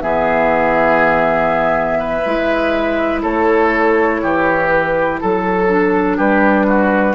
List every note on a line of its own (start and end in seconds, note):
0.00 2.23 E3
0.00 2.22 B3
0.00 1.99 G#4
0.00 3.20 E5
1.99 3.22 B4
2.25 3.23 G#3
2.25 5.67 E4
3.22 4.22 A3
3.22 4.20 A4
3.22 4.68 C#5
4.23 5.21 E3
4.23 5.20 G4
4.68 5.18 B4
5.20 6.18 F#3
5.20 6.17 A4
5.67 7.14 D4
6.17 7.14 G3
6.17 6.66 G4
6.17 7.14 B4
6.67 7.14 F#4